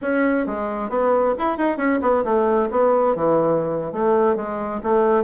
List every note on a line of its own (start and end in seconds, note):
0.01 0.46 C#4
0.46 0.89 G#3
0.89 1.34 B3
1.38 1.57 E4
1.57 1.77 D#4
1.77 1.99 C#4
2.01 2.24 B3
2.24 2.69 A3
2.70 3.15 B3
3.15 3.92 E3
3.92 4.36 A3
4.36 4.81 G#3
4.83 5.23 A3